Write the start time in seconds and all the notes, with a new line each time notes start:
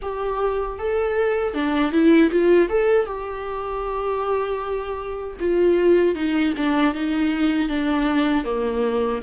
0.02 G4
0.78 A4
1.54 D4
1.92 E4
2.30 F4
2.69 A4
3.06 G4
5.40 F4
6.15 D#4
6.56 D4
6.94 D#4
7.69 D4
8.44 A#3